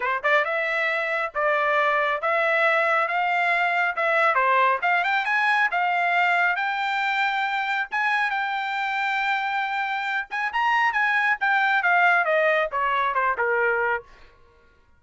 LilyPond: \new Staff \with { instrumentName = "trumpet" } { \time 4/4 \tempo 4 = 137 c''8 d''8 e''2 d''4~ | d''4 e''2 f''4~ | f''4 e''4 c''4 f''8 g''8 | gis''4 f''2 g''4~ |
g''2 gis''4 g''4~ | g''2.~ g''8 gis''8 | ais''4 gis''4 g''4 f''4 | dis''4 cis''4 c''8 ais'4. | }